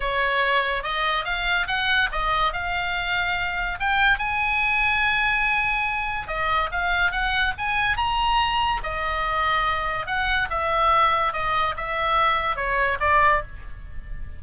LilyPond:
\new Staff \with { instrumentName = "oboe" } { \time 4/4 \tempo 4 = 143 cis''2 dis''4 f''4 | fis''4 dis''4 f''2~ | f''4 g''4 gis''2~ | gis''2. dis''4 |
f''4 fis''4 gis''4 ais''4~ | ais''4 dis''2. | fis''4 e''2 dis''4 | e''2 cis''4 d''4 | }